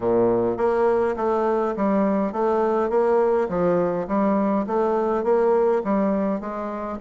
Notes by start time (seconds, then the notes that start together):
0.00 A#2
0.57 A#3
1.16 A3
1.76 G3
2.32 A3
2.89 A#3
3.48 F3
4.07 G3
4.66 A3
5.23 A#3
5.84 G3
6.40 G#3